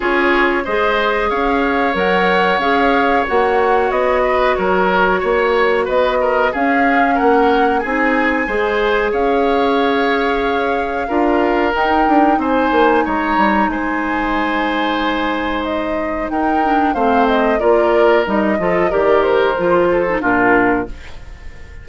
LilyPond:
<<
  \new Staff \with { instrumentName = "flute" } { \time 4/4 \tempo 4 = 92 cis''4 dis''4 f''4 fis''4 | f''4 fis''4 dis''4 cis''4~ | cis''4 dis''4 f''4 fis''4 | gis''2 f''2~ |
f''2 g''4 gis''4 | ais''4 gis''2. | dis''4 g''4 f''8 dis''8 d''4 | dis''4 d''8 c''4. ais'4 | }
  \new Staff \with { instrumentName = "oboe" } { \time 4/4 gis'4 c''4 cis''2~ | cis''2~ cis''8 b'8 ais'4 | cis''4 b'8 ais'8 gis'4 ais'4 | gis'4 c''4 cis''2~ |
cis''4 ais'2 c''4 | cis''4 c''2.~ | c''4 ais'4 c''4 ais'4~ | ais'8 a'8 ais'4. a'8 f'4 | }
  \new Staff \with { instrumentName = "clarinet" } { \time 4/4 f'4 gis'2 ais'4 | gis'4 fis'2.~ | fis'2 cis'2 | dis'4 gis'2.~ |
gis'4 f'4 dis'2~ | dis'1~ | dis'4. d'8 c'4 f'4 | dis'8 f'8 g'4 f'8. dis'16 d'4 | }
  \new Staff \with { instrumentName = "bassoon" } { \time 4/4 cis'4 gis4 cis'4 fis4 | cis'4 ais4 b4 fis4 | ais4 b4 cis'4 ais4 | c'4 gis4 cis'2~ |
cis'4 d'4 dis'8 d'8 c'8 ais8 | gis8 g8 gis2.~ | gis4 dis'4 a4 ais4 | g8 f8 dis4 f4 ais,4 | }
>>